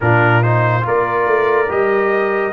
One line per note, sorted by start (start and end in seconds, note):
0.00 0.85 A#2
0.00 0.43 D4
0.00 0.85 F4
0.00 0.42 A#4
0.42 0.81 D#4
0.42 0.85 C5
0.81 1.26 A#3
0.81 1.66 F4
0.81 2.52 A#4
0.81 1.70 D5
1.26 1.68 A3
1.68 2.52 G3
1.68 2.52 G4
1.68 2.52 D#5